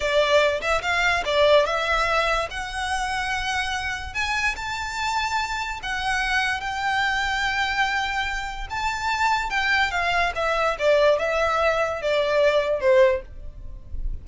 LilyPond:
\new Staff \with { instrumentName = "violin" } { \time 4/4 \tempo 4 = 145 d''4. e''8 f''4 d''4 | e''2 fis''2~ | fis''2 gis''4 a''4~ | a''2 fis''2 |
g''1~ | g''4 a''2 g''4 | f''4 e''4 d''4 e''4~ | e''4 d''2 c''4 | }